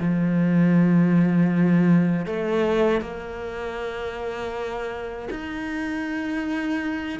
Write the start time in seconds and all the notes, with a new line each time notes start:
0.00 F3
2.26 A3
3.01 A#3
5.30 D#4